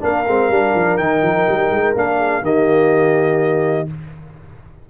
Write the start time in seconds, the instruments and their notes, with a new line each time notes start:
0.00 tuba A#3, trombone D4, horn A#4, trumpet F5
0.27 tuba G#3, trombone C4
0.48 tuba G3, trombone D4
0.75 tuba F3
0.97 tuba D#3, trombone D#4, trumpet G5
1.22 tuba F3
1.48 tuba G3
1.70 tuba G#3
1.95 tuba A#3, trombone D4, trumpet F5
2.17 horn G#4
2.42 tuba D#3, trombone A#3, horn G4, trumpet D#5